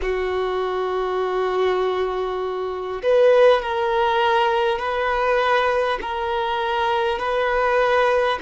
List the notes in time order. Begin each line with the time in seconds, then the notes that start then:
0.02 F#4
3.02 B4
3.62 A#4
4.78 B4
6.01 A#4
7.18 B4